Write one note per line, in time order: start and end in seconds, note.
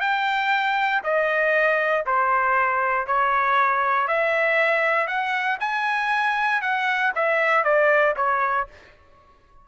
0.00 1.02 G5
1.03 2.05 D#5
2.05 3.06 C5
3.06 4.07 C#5
4.07 5.07 E5
5.07 5.57 F#5
5.60 6.61 G#5
6.61 7.12 F#5
7.15 7.63 E5
7.63 8.14 D5
8.16 8.67 C#5